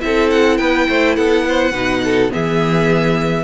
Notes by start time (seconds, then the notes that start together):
0.00 C4 E4 A4 E5
0.30 F#5
0.57 B3 B4 G5
0.89 A3 C5
1.16 B3 A4 F#5
1.48 C5
1.72 B2 D#4 B4
2.04 A4
2.30 E3 B3 G#4 E5